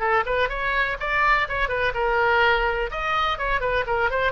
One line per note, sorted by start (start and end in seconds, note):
0.00 0.24 A4
0.26 0.49 B4
0.49 0.97 C#5
1.00 1.48 D5
1.49 1.68 C#5
1.68 1.92 B4
1.94 2.90 A#4
2.91 3.38 D#5
3.38 3.60 C#5
3.60 3.84 B4
3.87 4.10 A#4
4.10 4.32 C5